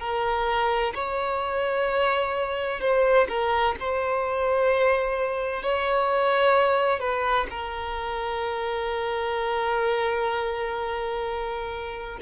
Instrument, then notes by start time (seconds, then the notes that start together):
violin
0.00 A#4
0.95 C#5
2.81 C5
3.29 A#4
3.80 C5
5.63 C#5
7.00 B4
7.51 A#4